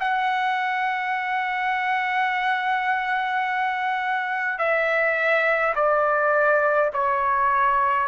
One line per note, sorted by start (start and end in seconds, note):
0.00 4.59 F#5
4.59 5.74 E5
5.76 6.91 D5
6.94 8.08 C#5